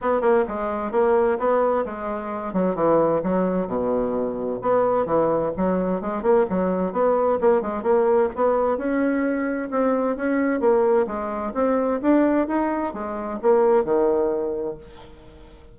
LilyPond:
\new Staff \with { instrumentName = "bassoon" } { \time 4/4 \tempo 4 = 130 b8 ais8 gis4 ais4 b4 | gis4. fis8 e4 fis4 | b,2 b4 e4 | fis4 gis8 ais8 fis4 b4 |
ais8 gis8 ais4 b4 cis'4~ | cis'4 c'4 cis'4 ais4 | gis4 c'4 d'4 dis'4 | gis4 ais4 dis2 | }